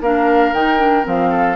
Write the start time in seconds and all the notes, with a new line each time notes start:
0.00 A#3 D4 A#4 F5
0.52 D#3 D#4 G5
0.78 D4
1.03 F3 C4 F5
1.30 A4